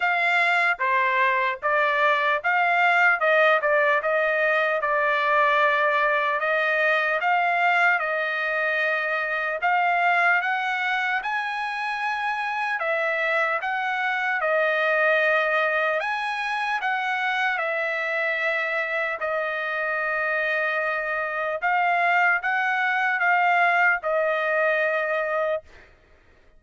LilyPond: \new Staff \with { instrumentName = "trumpet" } { \time 4/4 \tempo 4 = 75 f''4 c''4 d''4 f''4 | dis''8 d''8 dis''4 d''2 | dis''4 f''4 dis''2 | f''4 fis''4 gis''2 |
e''4 fis''4 dis''2 | gis''4 fis''4 e''2 | dis''2. f''4 | fis''4 f''4 dis''2 | }